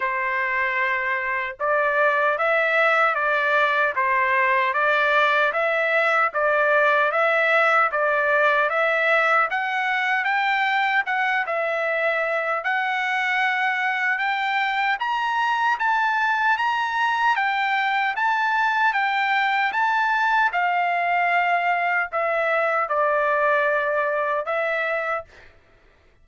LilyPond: \new Staff \with { instrumentName = "trumpet" } { \time 4/4 \tempo 4 = 76 c''2 d''4 e''4 | d''4 c''4 d''4 e''4 | d''4 e''4 d''4 e''4 | fis''4 g''4 fis''8 e''4. |
fis''2 g''4 ais''4 | a''4 ais''4 g''4 a''4 | g''4 a''4 f''2 | e''4 d''2 e''4 | }